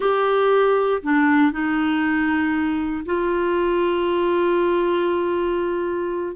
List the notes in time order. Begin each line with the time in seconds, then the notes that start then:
0.00 G4
1.02 D4
1.52 D#4
3.05 F4